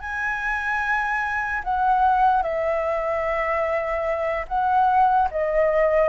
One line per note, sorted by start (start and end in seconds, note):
0.00 1.62 G#5
1.64 2.43 F#5
2.43 4.45 E5
4.48 5.29 F#5
5.31 6.08 D#5